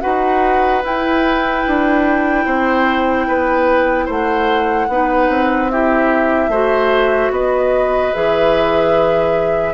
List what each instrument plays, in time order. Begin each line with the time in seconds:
0.00 bassoon D#4, clarinet F#4, oboe B4, flute F#5
0.83 clarinet E4, bassoon E4, flute G5
1.67 bassoon D4
2.45 bassoon C4, oboe C5
3.27 bassoon B3, oboe B4
4.05 bassoon A3, oboe C5, flute F#5
4.88 bassoon B3, clarinet D#4, oboe B4
5.29 bassoon C4
5.70 clarinet E4, oboe G4, flute E5
6.48 bassoon A3, clarinet F#4, oboe C5
7.30 bassoon B3, oboe B4, flute D#5
8.13 bassoon E3, clarinet G#4, flute E5